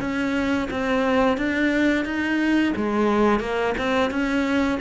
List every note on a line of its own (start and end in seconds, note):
0.00 0.68 C#4
0.71 1.37 C4
1.37 2.05 D4
2.05 2.73 D#4
2.76 3.40 G#3
3.40 3.74 A#3
3.78 4.10 C4
4.10 4.79 C#4